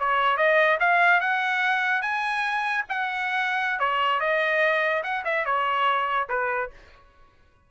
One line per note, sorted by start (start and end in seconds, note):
0.00 0.37 C#5
0.37 0.79 D#5
0.80 1.21 F5
1.21 2.02 F#5
2.02 2.85 G#5
2.89 3.80 F#5
3.80 4.21 C#5
4.21 5.04 D#5
5.04 5.24 F#5
5.25 5.46 E5
5.46 6.29 C#5
6.30 6.71 B4